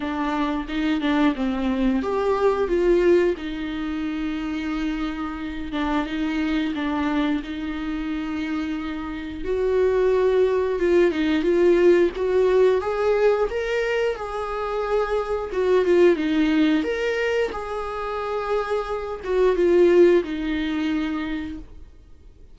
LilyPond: \new Staff \with { instrumentName = "viola" } { \time 4/4 \tempo 4 = 89 d'4 dis'8 d'8 c'4 g'4 | f'4 dis'2.~ | dis'8 d'8 dis'4 d'4 dis'4~ | dis'2 fis'2 |
f'8 dis'8 f'4 fis'4 gis'4 | ais'4 gis'2 fis'8 f'8 | dis'4 ais'4 gis'2~ | gis'8 fis'8 f'4 dis'2 | }